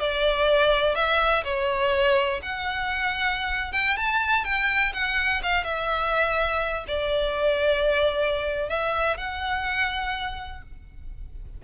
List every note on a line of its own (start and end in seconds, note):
0.00 0.95 D5
0.95 1.44 E5
1.44 2.41 C#5
2.43 3.73 F#5
3.73 3.97 G5
3.97 4.45 A5
4.45 4.93 G5
4.94 5.42 F#5
5.43 5.65 F5
5.65 6.86 E5
6.88 8.70 D5
8.70 9.18 E5
9.18 10.63 F#5